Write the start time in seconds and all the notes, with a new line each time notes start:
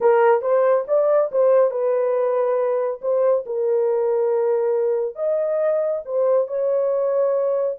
0.01 A#4
0.41 C5
0.87 D5
1.31 C5
1.71 B4
3.01 C5
3.45 A#4
5.15 D#5
6.05 C5
6.47 C#5